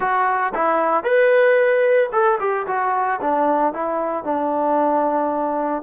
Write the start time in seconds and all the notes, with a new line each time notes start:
0.00 F#4
0.54 E4
1.03 B4
2.12 A4
2.39 G4
2.66 F#4
3.21 D4
3.73 E4
4.23 D4